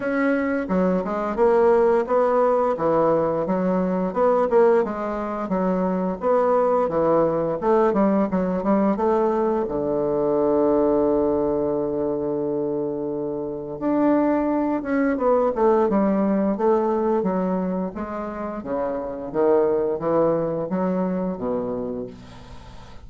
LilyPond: \new Staff \with { instrumentName = "bassoon" } { \time 4/4 \tempo 4 = 87 cis'4 fis8 gis8 ais4 b4 | e4 fis4 b8 ais8 gis4 | fis4 b4 e4 a8 g8 | fis8 g8 a4 d2~ |
d1 | d'4. cis'8 b8 a8 g4 | a4 fis4 gis4 cis4 | dis4 e4 fis4 b,4 | }